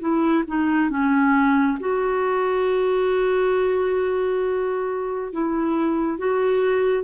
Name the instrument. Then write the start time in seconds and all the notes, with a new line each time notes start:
clarinet
0.00 E4
0.48 D#4
0.90 C#4
1.80 F#4
5.33 E4
6.18 F#4